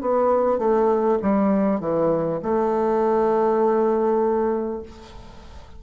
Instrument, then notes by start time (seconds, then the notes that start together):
bassoon
0.00 B3
0.58 A3
1.22 G3
1.80 E3
2.42 A3